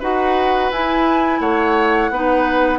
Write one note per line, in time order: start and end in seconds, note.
0.00 0.71 D#4
0.00 0.72 F#4
0.00 1.40 B4
0.00 0.72 F#5
0.71 1.41 E4
0.71 2.12 E4
0.71 1.41 G#5
1.41 2.10 A3
1.41 2.11 C#5
1.41 2.79 F#5
2.10 2.79 B3
2.10 2.79 D#4
2.10 2.79 B4